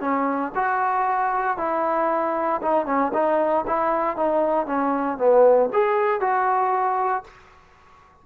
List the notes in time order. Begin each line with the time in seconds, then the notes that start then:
0.00 C#4
0.55 F#4
1.57 E4
2.61 D#4
2.86 C#4
3.13 D#4
3.67 E4
4.16 D#4
4.66 C#4
5.17 B3
5.73 G#4
6.20 F#4